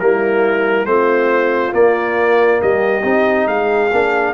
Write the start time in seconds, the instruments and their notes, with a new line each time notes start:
0.00 tuba G3, trombone A#3, horn E4, trumpet A#4
0.86 tuba A3, trombone C4, horn F4, trumpet C5
1.72 trombone A#3, tuba A#3, trumpet D5
2.62 tuba G3, horn G4, trumpet D#5
3.04 tuba C4, trombone D#4
3.48 tuba G#3, horn G#4, trumpet F5
3.93 tuba A#3, trombone D4